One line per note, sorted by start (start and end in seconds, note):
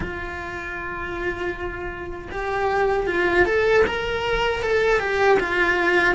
0.00 2.28 F4
2.31 3.07 G4
3.07 3.45 F4
3.45 3.84 A4
3.87 4.62 A#4
4.62 4.99 A4
4.99 5.37 G4
5.39 6.14 F4